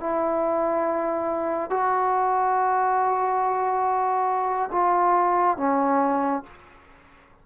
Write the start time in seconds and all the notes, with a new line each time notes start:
0.00 E4
1.70 F#4
4.71 F4
5.58 C#4